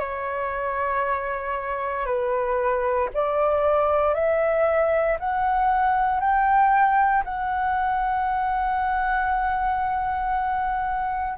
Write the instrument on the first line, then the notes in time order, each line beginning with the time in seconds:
flute
0.00 C#5
2.06 B4
3.14 D5
4.15 E5
5.20 F#5
6.21 G5
7.25 F#5